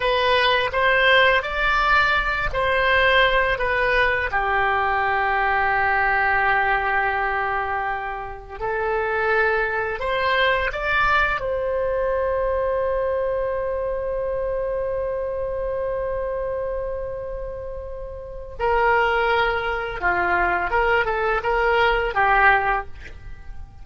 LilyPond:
\new Staff \with { instrumentName = "oboe" } { \time 4/4 \tempo 4 = 84 b'4 c''4 d''4. c''8~ | c''4 b'4 g'2~ | g'1 | a'2 c''4 d''4 |
c''1~ | c''1~ | c''2 ais'2 | f'4 ais'8 a'8 ais'4 g'4 | }